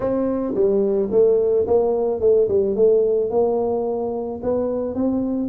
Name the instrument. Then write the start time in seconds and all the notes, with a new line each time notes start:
tuba
0.00 C4
0.54 G3
1.11 A3
1.66 A#3
2.20 A3
2.48 G3
2.75 A3
3.30 A#3
4.42 B3
4.94 C4